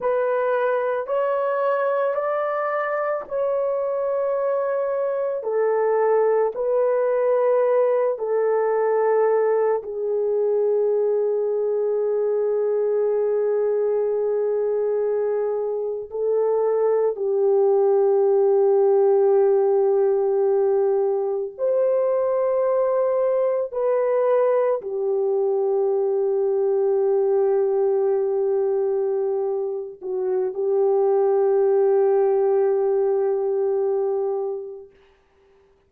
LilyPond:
\new Staff \with { instrumentName = "horn" } { \time 4/4 \tempo 4 = 55 b'4 cis''4 d''4 cis''4~ | cis''4 a'4 b'4. a'8~ | a'4 gis'2.~ | gis'2~ gis'8. a'4 g'16~ |
g'2.~ g'8. c''16~ | c''4.~ c''16 b'4 g'4~ g'16~ | g'2.~ g'8 fis'8 | g'1 | }